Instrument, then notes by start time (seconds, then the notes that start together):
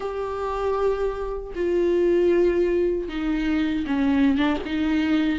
viola
0.00 G4
1.55 F4
3.08 D#4
3.86 C#4
4.37 D4
4.65 D#4